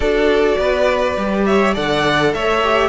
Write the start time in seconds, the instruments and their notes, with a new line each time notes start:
0.00 cello D4, viola F#4, violin A4 D5
0.57 cello B3, violin B4
1.16 cello G3, viola G4
1.45 violin C#5 E5
1.74 cello D3, viola A4, violin D5 F#5
2.34 cello A3, violin C#5 E5
2.63 viola G4